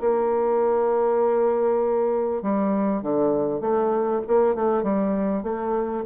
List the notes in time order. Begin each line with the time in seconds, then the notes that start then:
0.00 A#3
2.42 G3
3.02 D3
3.60 A3
4.27 A#3
4.55 A3
4.83 G3
5.43 A3